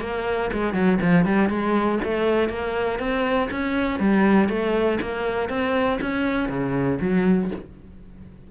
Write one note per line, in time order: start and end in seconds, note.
0.00 0.50 A#3
0.53 0.73 G#3
0.73 0.98 F#3
1.01 1.25 F3
1.25 1.49 G3
1.49 1.99 G#3
2.04 2.49 A3
2.49 2.99 A#3
2.99 3.49 C4
3.50 3.99 C#4
3.99 4.48 G3
4.48 4.98 A3
5.01 5.49 A#3
5.49 5.99 C4
6.01 6.49 C#4
6.49 6.99 C#3
7.00 7.50 F#3